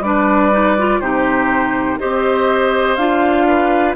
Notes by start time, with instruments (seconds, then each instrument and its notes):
0.00 bassoon G3, clarinet D4, oboe B4, flute D5
0.52 clarinet D#4
0.78 clarinet F4
1.00 bassoon C3, clarinet D#4, oboe G4, flute C5
1.99 bassoon C4, clarinet G4, oboe C5, flute D#5
2.95 bassoon D4, clarinet F4, flute F5
3.47 oboe B4